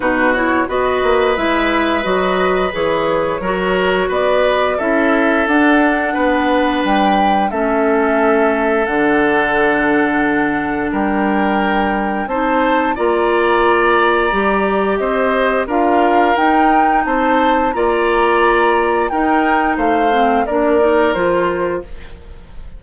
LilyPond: <<
  \new Staff \with { instrumentName = "flute" } { \time 4/4 \tempo 4 = 88 b'8 cis''8 dis''4 e''4 dis''4 | cis''2 d''4 e''4 | fis''2 g''4 e''4~ | e''4 fis''2. |
g''2 a''4 ais''4~ | ais''2 dis''4 f''4 | g''4 a''4 ais''2 | g''4 f''4 d''4 c''4 | }
  \new Staff \with { instrumentName = "oboe" } { \time 4/4 fis'4 b'2.~ | b'4 ais'4 b'4 a'4~ | a'4 b'2 a'4~ | a'1 |
ais'2 c''4 d''4~ | d''2 c''4 ais'4~ | ais'4 c''4 d''2 | ais'4 c''4 ais'2 | }
  \new Staff \with { instrumentName = "clarinet" } { \time 4/4 dis'8 e'8 fis'4 e'4 fis'4 | gis'4 fis'2 e'4 | d'2. cis'4~ | cis'4 d'2.~ |
d'2 dis'4 f'4~ | f'4 g'2 f'4 | dis'2 f'2 | dis'4. c'8 d'8 dis'8 f'4 | }
  \new Staff \with { instrumentName = "bassoon" } { \time 4/4 b,4 b8 ais8 gis4 fis4 | e4 fis4 b4 cis'4 | d'4 b4 g4 a4~ | a4 d2. |
g2 c'4 ais4~ | ais4 g4 c'4 d'4 | dis'4 c'4 ais2 | dis'4 a4 ais4 f4 | }
>>